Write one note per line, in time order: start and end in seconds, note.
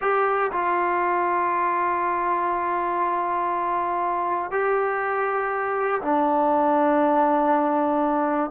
0.01 0.51 G4
0.52 4.51 F4
4.51 6.01 G4
6.01 8.50 D4